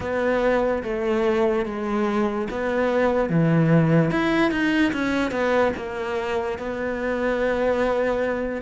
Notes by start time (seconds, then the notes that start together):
0.00 B3
0.83 A3
1.65 G#3
2.50 B3
3.29 E3
4.10 E4
4.51 D#4
4.92 C#4
5.31 B3
5.76 A#3
6.58 B3